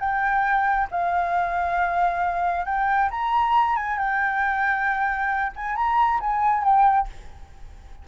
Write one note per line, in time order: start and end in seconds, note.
0.00 0.88 G5
0.91 2.66 F5
2.66 3.10 G5
3.11 3.77 A#5
3.77 3.99 G#5
3.99 5.53 G5
5.56 5.76 G#5
5.76 6.20 A#5
6.21 6.64 G#5
6.64 7.08 G5